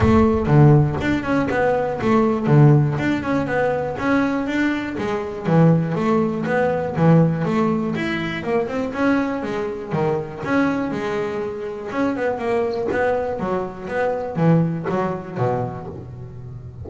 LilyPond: \new Staff \with { instrumentName = "double bass" } { \time 4/4 \tempo 4 = 121 a4 d4 d'8 cis'8 b4 | a4 d4 d'8 cis'8 b4 | cis'4 d'4 gis4 e4 | a4 b4 e4 a4 |
e'4 ais8 c'8 cis'4 gis4 | dis4 cis'4 gis2 | cis'8 b8 ais4 b4 fis4 | b4 e4 fis4 b,4 | }